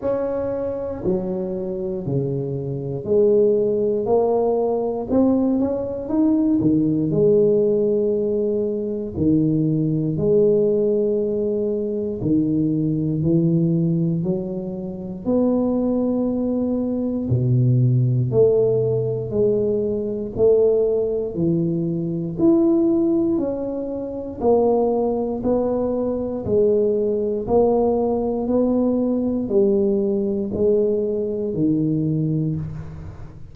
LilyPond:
\new Staff \with { instrumentName = "tuba" } { \time 4/4 \tempo 4 = 59 cis'4 fis4 cis4 gis4 | ais4 c'8 cis'8 dis'8 dis8 gis4~ | gis4 dis4 gis2 | dis4 e4 fis4 b4~ |
b4 b,4 a4 gis4 | a4 e4 e'4 cis'4 | ais4 b4 gis4 ais4 | b4 g4 gis4 dis4 | }